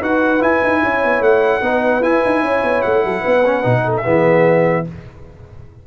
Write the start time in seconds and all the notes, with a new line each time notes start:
0.00 D#4 F#4 B4 F#5
0.40 E4 G#5
0.63 D#4
0.81 C#4 C#5
1.04 B3
1.20 A3 F#5
1.61 B3 D#4 B4
2.00 E4 G#5
2.25 D#4
2.42 C#4 C#5
2.63 B3
2.81 A3 F#5
3.04 F#3 A4
3.20 B3 B4
3.45 C#4
3.62 B2 D#4
3.84 A4
3.96 E5
4.03 E3 B3 G#4